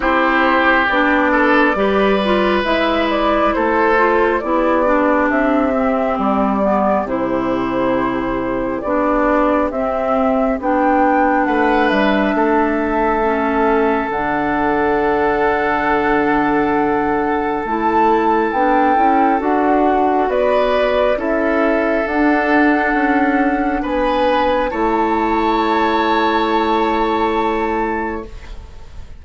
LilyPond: <<
  \new Staff \with { instrumentName = "flute" } { \time 4/4 \tempo 4 = 68 c''4 d''2 e''8 d''8 | c''4 d''4 e''4 d''4 | c''2 d''4 e''4 | g''4 fis''8 e''2~ e''8 |
fis''1 | a''4 g''4 fis''4 d''4 | e''4 fis''2 gis''4 | a''1 | }
  \new Staff \with { instrumentName = "oboe" } { \time 4/4 g'4. a'8 b'2 | a'4 g'2.~ | g'1~ | g'4 b'4 a'2~ |
a'1~ | a'2. b'4 | a'2. b'4 | cis''1 | }
  \new Staff \with { instrumentName = "clarinet" } { \time 4/4 e'4 d'4 g'8 f'8 e'4~ | e'8 f'8 e'8 d'4 c'4 b8 | e'2 d'4 c'4 | d'2. cis'4 |
d'1 | e'4 d'8 e'8 fis'2 | e'4 d'2. | e'1 | }
  \new Staff \with { instrumentName = "bassoon" } { \time 4/4 c'4 b4 g4 gis4 | a4 b4 c'4 g4 | c2 b4 c'4 | b4 a8 g8 a2 |
d1 | a4 b8 cis'8 d'4 b4 | cis'4 d'4 cis'4 b4 | a1 | }
>>